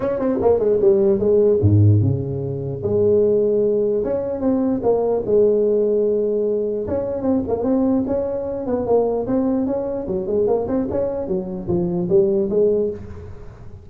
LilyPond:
\new Staff \with { instrumentName = "tuba" } { \time 4/4 \tempo 4 = 149 cis'8 c'8 ais8 gis8 g4 gis4 | gis,4 cis2 gis4~ | gis2 cis'4 c'4 | ais4 gis2.~ |
gis4 cis'4 c'8 ais8 c'4 | cis'4. b8 ais4 c'4 | cis'4 fis8 gis8 ais8 c'8 cis'4 | fis4 f4 g4 gis4 | }